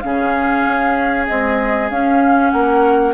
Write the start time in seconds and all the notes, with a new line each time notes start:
0.00 C#3 C#4 G#4 F5
0.66 C#4
1.26 G#3 C4 D#5
1.90 C#4 F5
2.50 A#3 A#4 F#5